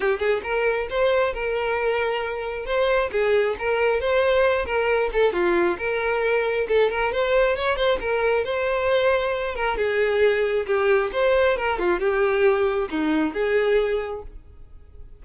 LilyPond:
\new Staff \with { instrumentName = "violin" } { \time 4/4 \tempo 4 = 135 g'8 gis'8 ais'4 c''4 ais'4~ | ais'2 c''4 gis'4 | ais'4 c''4. ais'4 a'8 | f'4 ais'2 a'8 ais'8 |
c''4 cis''8 c''8 ais'4 c''4~ | c''4. ais'8 gis'2 | g'4 c''4 ais'8 f'8 g'4~ | g'4 dis'4 gis'2 | }